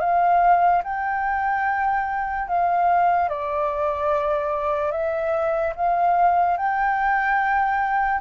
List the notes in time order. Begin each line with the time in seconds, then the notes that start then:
0.00 F5
0.83 G5
2.48 F5
3.28 D5
4.91 E5
5.75 F5
6.57 G5